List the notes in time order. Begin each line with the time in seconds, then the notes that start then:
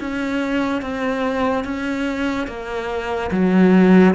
0.00 C#4
0.82 C4
1.64 C#4
2.47 A#3
3.31 F#3